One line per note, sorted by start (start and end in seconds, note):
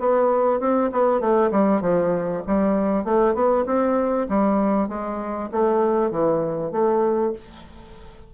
0.00 0.60 B3
0.60 0.91 C4
0.92 1.21 B3
1.21 1.51 A3
1.51 1.81 G3
1.81 2.43 F3
2.47 3.05 G3
3.05 3.35 A3
3.35 3.65 B3
3.66 4.27 C4
4.29 4.89 G3
4.89 5.50 G#3
5.52 6.11 A3
6.11 6.72 E3
6.72 7.33 A3